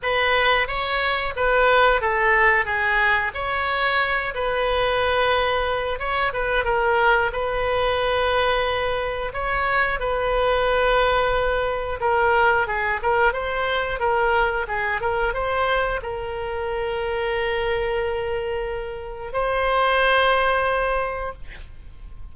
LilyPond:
\new Staff \with { instrumentName = "oboe" } { \time 4/4 \tempo 4 = 90 b'4 cis''4 b'4 a'4 | gis'4 cis''4. b'4.~ | b'4 cis''8 b'8 ais'4 b'4~ | b'2 cis''4 b'4~ |
b'2 ais'4 gis'8 ais'8 | c''4 ais'4 gis'8 ais'8 c''4 | ais'1~ | ais'4 c''2. | }